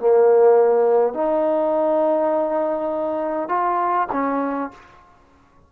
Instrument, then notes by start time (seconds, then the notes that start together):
trombone
0.00 A#3
1.14 D#4
3.49 F4
4.13 C#4